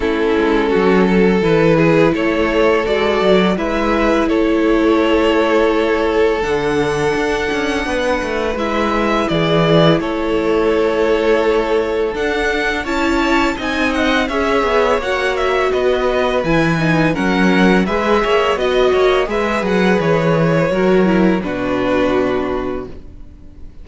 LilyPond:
<<
  \new Staff \with { instrumentName = "violin" } { \time 4/4 \tempo 4 = 84 a'2 b'4 cis''4 | d''4 e''4 cis''2~ | cis''4 fis''2. | e''4 d''4 cis''2~ |
cis''4 fis''4 a''4 gis''8 fis''8 | e''4 fis''8 e''8 dis''4 gis''4 | fis''4 e''4 dis''4 e''8 fis''8 | cis''2 b'2 | }
  \new Staff \with { instrumentName = "violin" } { \time 4/4 e'4 fis'8 a'4 gis'8 a'4~ | a'4 b'4 a'2~ | a'2. b'4~ | b'4 gis'4 a'2~ |
a'2 cis''4 dis''4 | cis''2 b'2 | ais'4 b'8 cis''8 dis''8 cis''8 b'4~ | b'4 ais'4 fis'2 | }
  \new Staff \with { instrumentName = "viola" } { \time 4/4 cis'2 e'2 | fis'4 e'2.~ | e'4 d'2. | e'1~ |
e'4 d'4 e'4 dis'4 | gis'4 fis'2 e'8 dis'8 | cis'4 gis'4 fis'4 gis'4~ | gis'4 fis'8 e'8 d'2 | }
  \new Staff \with { instrumentName = "cello" } { \time 4/4 a8 gis8 fis4 e4 a4 | gis8 fis8 gis4 a2~ | a4 d4 d'8 cis'8 b8 a8 | gis4 e4 a2~ |
a4 d'4 cis'4 c'4 | cis'8 b8 ais4 b4 e4 | fis4 gis8 ais8 b8 ais8 gis8 fis8 | e4 fis4 b,2 | }
>>